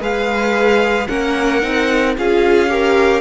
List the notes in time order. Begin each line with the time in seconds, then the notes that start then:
0.00 G#3 G#4 B4 F5
1.08 A#3 C#4 A#4 F#5
1.61 C4 D#4
2.18 C#4 F4 G#4 F5
2.69 G4 A#4